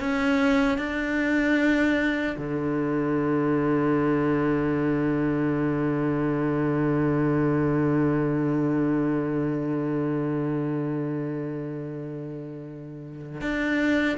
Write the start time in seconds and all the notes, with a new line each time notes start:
0.00 C#4
0.78 D4
2.38 D3
13.41 D4